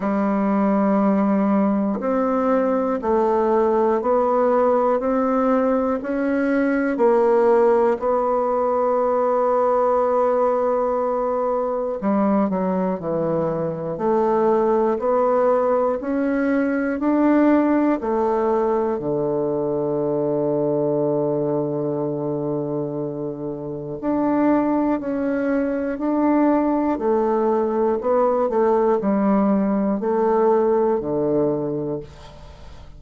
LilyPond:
\new Staff \with { instrumentName = "bassoon" } { \time 4/4 \tempo 4 = 60 g2 c'4 a4 | b4 c'4 cis'4 ais4 | b1 | g8 fis8 e4 a4 b4 |
cis'4 d'4 a4 d4~ | d1 | d'4 cis'4 d'4 a4 | b8 a8 g4 a4 d4 | }